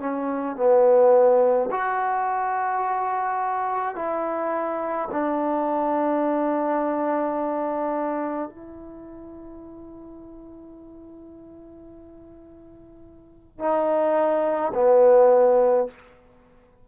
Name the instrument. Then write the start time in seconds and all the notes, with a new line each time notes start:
trombone
0.00 C#4
0.57 B3
1.71 F#4
3.96 E4
5.11 D4
8.50 E4
13.60 D#4
14.74 B3